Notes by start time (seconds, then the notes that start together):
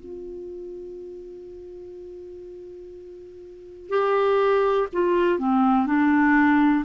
0.00 F4
3.89 G4
4.93 F4
5.39 C4
5.87 D4